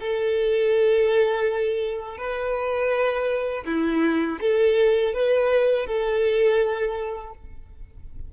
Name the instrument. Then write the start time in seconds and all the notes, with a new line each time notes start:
violin
0.00 A4
2.18 B4
3.66 E4
4.40 A4
5.14 B4
5.86 A4